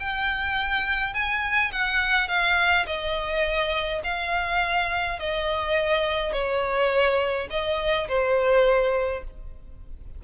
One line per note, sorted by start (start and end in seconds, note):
0.00 1.14 G5
1.14 1.72 G#5
1.72 2.28 F#5
2.28 2.86 F5
2.87 4.02 D#5
4.04 5.19 F5
5.20 6.33 D#5
6.33 7.48 C#5
7.50 8.08 D#5
8.08 9.24 C5